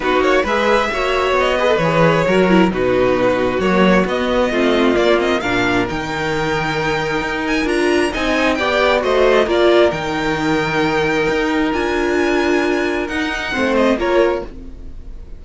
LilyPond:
<<
  \new Staff \with { instrumentName = "violin" } { \time 4/4 \tempo 4 = 133 b'8 cis''8 e''2 dis''4 | cis''2 b'2 | cis''4 dis''2 d''8 dis''8 | f''4 g''2.~ |
g''8 gis''8 ais''4 gis''4 g''4 | dis''4 d''4 g''2~ | g''2 gis''2~ | gis''4 fis''4. dis''8 cis''4 | }
  \new Staff \with { instrumentName = "violin" } { \time 4/4 fis'4 b'4 cis''4. b'8~ | b'4 ais'4 fis'2~ | fis'2 f'2 | ais'1~ |
ais'2 dis''4 d''4 | c''4 ais'2.~ | ais'1~ | ais'2 c''4 ais'4 | }
  \new Staff \with { instrumentName = "viola" } { \time 4/4 dis'4 gis'4 fis'4. gis'16 a'16 | gis'4 fis'8 e'8 dis'2 | ais4 b4 c'4 ais8 c'8 | d'4 dis'2.~ |
dis'4 f'4 dis'4 g'4 | fis'4 f'4 dis'2~ | dis'2 f'2~ | f'4 dis'4 c'4 f'4 | }
  \new Staff \with { instrumentName = "cello" } { \time 4/4 b8 ais8 gis4 ais4 b4 | e4 fis4 b,2 | fis4 b4 a4 ais4 | ais,4 dis2. |
dis'4 d'4 c'4 b4 | a4 ais4 dis2~ | dis4 dis'4 d'2~ | d'4 dis'4 a4 ais4 | }
>>